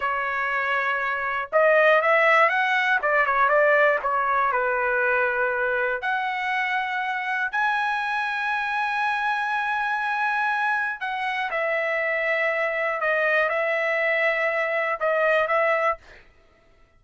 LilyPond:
\new Staff \with { instrumentName = "trumpet" } { \time 4/4 \tempo 4 = 120 cis''2. dis''4 | e''4 fis''4 d''8 cis''8 d''4 | cis''4 b'2. | fis''2. gis''4~ |
gis''1~ | gis''2 fis''4 e''4~ | e''2 dis''4 e''4~ | e''2 dis''4 e''4 | }